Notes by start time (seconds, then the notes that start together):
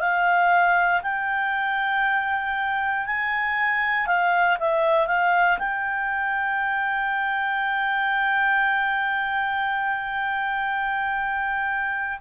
0.00 F5
1.03 G5
3.06 G#5
4.07 F5
4.59 E5
5.07 F5
5.58 G5